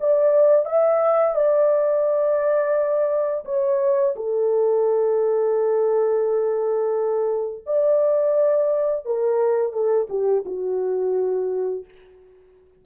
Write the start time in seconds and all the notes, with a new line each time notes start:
0.00 D5
0.65 E5
1.35 D5
3.45 C#5
4.15 A4
7.66 D5
9.05 A#4
9.73 A4
10.09 G4
10.45 F#4